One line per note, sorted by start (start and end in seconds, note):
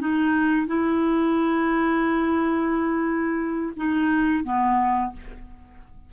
0.00 0.67 D#4
0.67 3.74 E4
3.77 4.44 D#4
4.44 5.12 B3